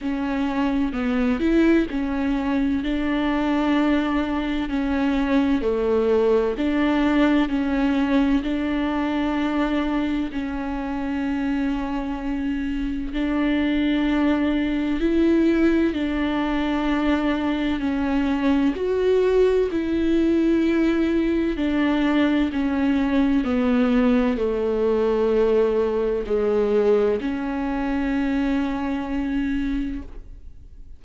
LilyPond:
\new Staff \with { instrumentName = "viola" } { \time 4/4 \tempo 4 = 64 cis'4 b8 e'8 cis'4 d'4~ | d'4 cis'4 a4 d'4 | cis'4 d'2 cis'4~ | cis'2 d'2 |
e'4 d'2 cis'4 | fis'4 e'2 d'4 | cis'4 b4 a2 | gis4 cis'2. | }